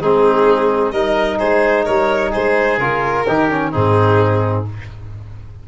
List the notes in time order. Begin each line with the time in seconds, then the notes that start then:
0.00 G#3 C4 D#4 G#4
0.92 G3 D#4 A#4 D#5
1.39 G#3 G#4 C5
1.85 G3 A#4 C#5
2.31 G#3 G#4 C5
2.78 C#3 F4 A#4
3.27 D#3 D#4 G4
3.50 C#4
3.71 G#2 C4 D#4 G#4